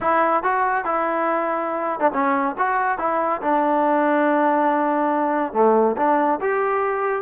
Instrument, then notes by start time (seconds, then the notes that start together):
trombone
0.00 E4
0.43 F#4
0.84 E4
2.00 D4
2.13 C#4
2.58 F#4
2.98 E4
3.41 D4
5.53 A3
5.97 D4
6.40 G4